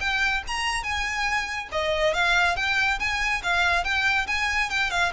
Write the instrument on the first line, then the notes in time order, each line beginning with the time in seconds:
violin
0.00 G5
0.47 A#5
0.83 G#5
1.71 D#5
2.14 F5
2.56 G5
2.99 G#5
3.43 F5
3.84 G5
4.27 G#5
4.69 G5
4.90 F5